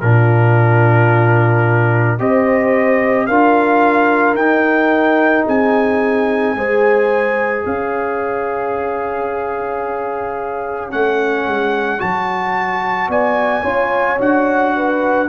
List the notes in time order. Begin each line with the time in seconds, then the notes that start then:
0.00 A#2 D4 F4 A#4
2.18 C4 G4 C5 D#5
3.26 D4 F4 A#4 F5
4.34 D#4 G5
5.45 C4 G#4 G#5
6.54 G#3 G#4 C5
7.65 C#4 C#5 F5
10.90 A3 C#4 F#5
11.45 G#3
11.98 F#3 F#4 A5
13.08 B3 D5 G#5
13.63 C#4 F4 C#5
14.18 D4 F#4 F#5
14.76 B4